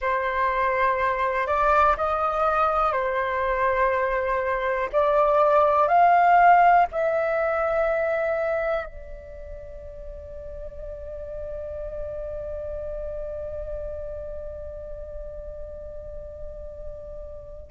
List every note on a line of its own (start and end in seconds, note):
0.01 1.47 C5
1.47 1.96 D5
1.97 2.92 D#5
2.92 4.89 C5
4.92 5.87 D5
5.87 6.86 F5
6.91 8.85 E5
8.85 17.70 D5